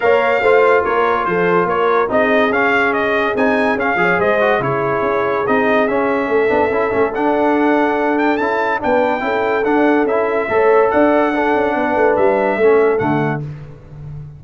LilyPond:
<<
  \new Staff \with { instrumentName = "trumpet" } { \time 4/4 \tempo 4 = 143 f''2 cis''4 c''4 | cis''4 dis''4 f''4 dis''4 | gis''4 f''4 dis''4 cis''4~ | cis''4 dis''4 e''2~ |
e''4 fis''2~ fis''8 g''8 | a''4 g''2 fis''4 | e''2 fis''2~ | fis''4 e''2 fis''4 | }
  \new Staff \with { instrumentName = "horn" } { \time 4/4 cis''4 c''4 ais'4 a'4 | ais'4 gis'2.~ | gis'4. cis''8 c''4 gis'4~ | gis'2. a'4~ |
a'1~ | a'4 b'4 a'2~ | a'4 cis''4 d''4 a'4 | b'2 a'2 | }
  \new Staff \with { instrumentName = "trombone" } { \time 4/4 ais'4 f'2.~ | f'4 dis'4 cis'2 | dis'4 cis'8 gis'4 fis'8 e'4~ | e'4 dis'4 cis'4. d'8 |
e'8 cis'8 d'2. | e'4 d'4 e'4 d'4 | e'4 a'2 d'4~ | d'2 cis'4 a4 | }
  \new Staff \with { instrumentName = "tuba" } { \time 4/4 ais4 a4 ais4 f4 | ais4 c'4 cis'2 | c'4 cis'8 f8 gis4 cis4 | cis'4 c'4 cis'4 a8 b8 |
cis'8 a8 d'2. | cis'4 b4 cis'4 d'4 | cis'4 a4 d'4. cis'8 | b8 a8 g4 a4 d4 | }
>>